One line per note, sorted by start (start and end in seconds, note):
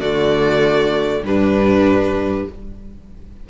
0.00 1.22 D3
0.00 1.24 A3
0.00 1.22 F#4
0.00 1.23 D5
1.22 2.45 G2
1.22 2.49 G3
1.22 2.49 D4
1.22 2.48 B4